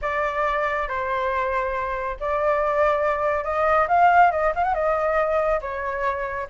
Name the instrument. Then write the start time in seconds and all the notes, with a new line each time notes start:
flute
0.01 D5
0.88 C5
2.20 D5
3.44 D#5
3.88 F5
4.31 D#5
4.55 F5
4.63 F#5
4.74 D#5
5.61 C#5